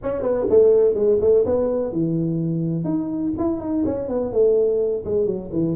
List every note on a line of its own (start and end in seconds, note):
0.02 0.22 C#4
0.22 0.46 B3
0.49 0.94 A3
0.94 1.18 G#3
1.20 1.44 A3
1.45 1.92 B3
1.92 2.84 E3
2.84 3.32 D#4
3.38 3.60 E4
3.60 3.84 D#4
3.85 4.08 C#4
4.08 4.32 B3
4.32 5.04 A3
5.04 5.26 G#3
5.26 5.50 F#3
5.52 5.75 E3